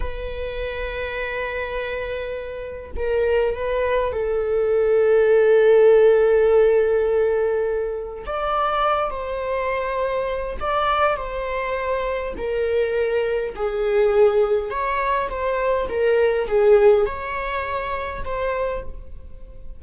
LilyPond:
\new Staff \with { instrumentName = "viola" } { \time 4/4 \tempo 4 = 102 b'1~ | b'4 ais'4 b'4 a'4~ | a'1~ | a'2 d''4. c''8~ |
c''2 d''4 c''4~ | c''4 ais'2 gis'4~ | gis'4 cis''4 c''4 ais'4 | gis'4 cis''2 c''4 | }